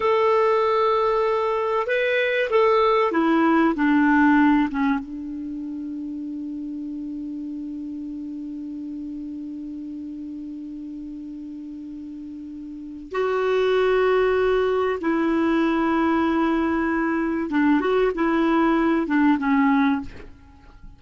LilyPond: \new Staff \with { instrumentName = "clarinet" } { \time 4/4 \tempo 4 = 96 a'2. b'4 | a'4 e'4 d'4. cis'8 | d'1~ | d'1~ |
d'1~ | d'4 fis'2. | e'1 | d'8 fis'8 e'4. d'8 cis'4 | }